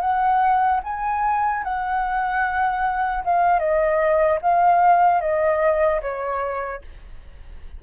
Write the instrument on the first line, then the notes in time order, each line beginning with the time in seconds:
flute
0.00 F#5
0.84 G#5
1.64 F#5
3.24 F5
3.59 D#5
4.41 F5
5.20 D#5
6.01 C#5